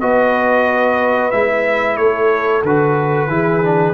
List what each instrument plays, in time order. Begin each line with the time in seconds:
0.00 tuba B3, trombone F#4, horn B4, trumpet D#5
1.31 tuba G#3, trombone E4, trumpet E5
1.96 tuba A3, horn A4, trumpet C#5
2.62 tuba D3, trombone F#4, trumpet B4
3.27 tuba E3, trombone E4, horn G#4
3.62 trombone D4